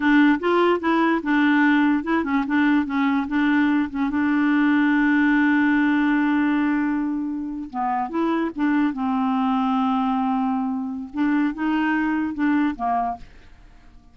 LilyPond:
\new Staff \with { instrumentName = "clarinet" } { \time 4/4 \tempo 4 = 146 d'4 f'4 e'4 d'4~ | d'4 e'8 cis'8 d'4 cis'4 | d'4. cis'8 d'2~ | d'1~ |
d'2~ d'8. b4 e'16~ | e'8. d'4 c'2~ c'16~ | c'2. d'4 | dis'2 d'4 ais4 | }